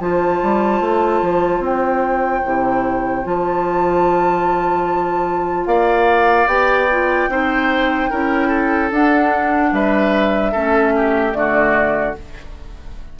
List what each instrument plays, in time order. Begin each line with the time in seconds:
0.00 bassoon F3, clarinet F4, oboe C5, flute A5
0.43 bassoon G3
0.81 bassoon A3
1.22 bassoon F3
1.59 bassoon C4, flute G5
2.44 bassoon C3, clarinet E4
3.24 bassoon F3, clarinet F4, flute A5
5.67 bassoon A#3, oboe D5, flute F5
6.47 bassoon B3, clarinet G4, flute G5
6.91 clarinet F4
7.29 bassoon C4, clarinet D#4, oboe C5
8.10 bassoon C#4, clarinet E4, oboe A#4
8.48 oboe A4
8.91 clarinet D4, bassoon D4, flute F#5
9.72 bassoon G3, oboe B4, flute E5
10.52 bassoon A3, clarinet C#4, oboe A4
10.97 oboe G4
11.32 bassoon D3, clarinet A3, flute D5
11.38 oboe F#4